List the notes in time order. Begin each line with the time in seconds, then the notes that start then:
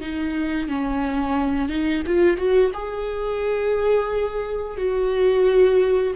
0.00 D#4
0.68 C#4
1.69 D#4
2.06 F4
2.37 F#4
2.73 G#4
4.77 F#4